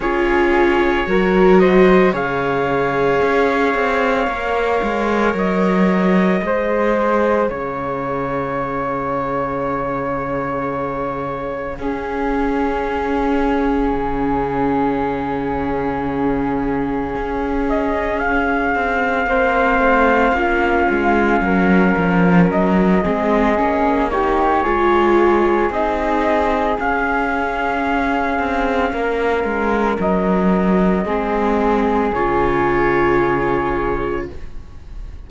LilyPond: <<
  \new Staff \with { instrumentName = "trumpet" } { \time 4/4 \tempo 4 = 56 cis''4. dis''8 f''2~ | f''4 dis''2 f''4~ | f''1~ | f''1~ |
f''8 dis''8 f''2.~ | f''4 dis''4. cis''4. | dis''4 f''2. | dis''2 cis''2 | }
  \new Staff \with { instrumentName = "flute" } { \time 4/4 gis'4 ais'8 c''8 cis''2~ | cis''2 c''4 cis''4~ | cis''2. gis'4~ | gis'1~ |
gis'2 c''4 f'4 | ais'4. gis'4 g'8 gis'4~ | gis'2. ais'4~ | ais'4 gis'2. | }
  \new Staff \with { instrumentName = "viola" } { \time 4/4 f'4 fis'4 gis'2 | ais'2 gis'2~ | gis'2. cis'4~ | cis'1~ |
cis'2 c'4 cis'4~ | cis'4. c'8 cis'8 dis'8 f'4 | dis'4 cis'2.~ | cis'4 c'4 f'2 | }
  \new Staff \with { instrumentName = "cello" } { \time 4/4 cis'4 fis4 cis4 cis'8 c'8 | ais8 gis8 fis4 gis4 cis4~ | cis2. cis'4~ | cis'4 cis2. |
cis'4. c'8 ais8 a8 ais8 gis8 | fis8 f8 fis8 gis8 ais4 gis4 | c'4 cis'4. c'8 ais8 gis8 | fis4 gis4 cis2 | }
>>